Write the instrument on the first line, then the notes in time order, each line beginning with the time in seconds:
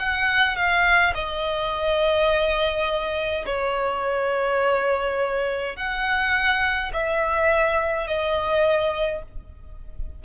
violin
0.00 F#5
0.56 F5
1.15 D#5
3.46 C#5
5.77 F#5
6.93 E5
8.08 D#5